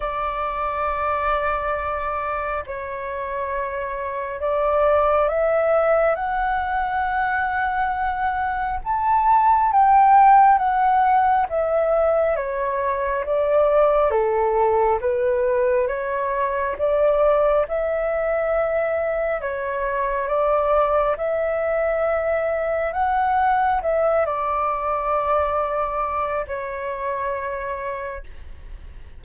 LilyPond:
\new Staff \with { instrumentName = "flute" } { \time 4/4 \tempo 4 = 68 d''2. cis''4~ | cis''4 d''4 e''4 fis''4~ | fis''2 a''4 g''4 | fis''4 e''4 cis''4 d''4 |
a'4 b'4 cis''4 d''4 | e''2 cis''4 d''4 | e''2 fis''4 e''8 d''8~ | d''2 cis''2 | }